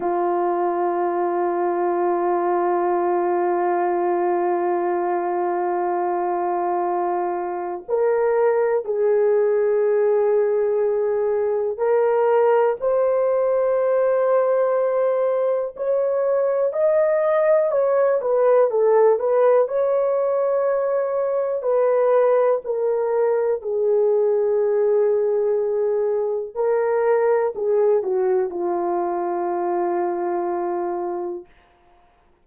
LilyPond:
\new Staff \with { instrumentName = "horn" } { \time 4/4 \tempo 4 = 61 f'1~ | f'1 | ais'4 gis'2. | ais'4 c''2. |
cis''4 dis''4 cis''8 b'8 a'8 b'8 | cis''2 b'4 ais'4 | gis'2. ais'4 | gis'8 fis'8 f'2. | }